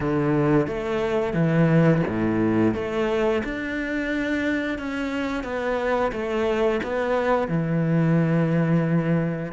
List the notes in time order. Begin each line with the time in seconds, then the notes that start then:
0.00 D3
0.67 A3
1.33 E3
2.08 A2
2.74 A3
3.44 D4
4.78 C#4
5.43 B3
6.12 A3
6.83 B3
7.48 E3